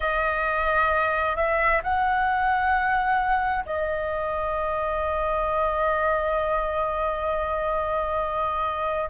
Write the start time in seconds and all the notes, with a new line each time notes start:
0.00 D#5
1.36 E5
1.83 F#5
3.65 D#5